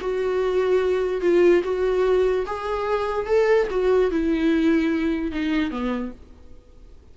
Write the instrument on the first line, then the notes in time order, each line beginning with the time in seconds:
viola
0.00 F#4
1.21 F4
1.63 F#4
2.46 G#4
3.26 A4
3.70 F#4
4.11 E4
5.31 D#4
5.70 B3